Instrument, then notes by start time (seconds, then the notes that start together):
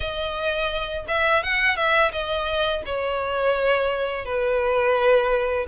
violin
0.00 D#5
1.08 E5
1.43 F#5
1.76 E5
2.11 D#5
2.85 C#5
4.25 B4